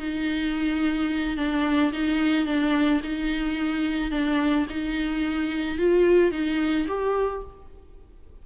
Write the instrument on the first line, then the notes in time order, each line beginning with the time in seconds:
viola
0.00 D#4
1.38 D4
1.93 D#4
2.46 D4
3.04 D#4
4.12 D4
4.70 D#4
5.78 F4
6.32 D#4
6.88 G4